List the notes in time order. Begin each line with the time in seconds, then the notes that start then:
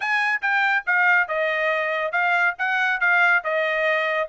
0.00 G#5
0.41 G5
0.86 F5
1.28 D#5
2.12 F5
2.58 F#5
3.00 F5
3.43 D#5